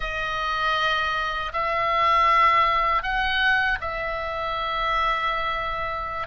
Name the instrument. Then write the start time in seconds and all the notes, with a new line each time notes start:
oboe
0.00 D#5
1.53 E5
3.02 F#5
3.80 E5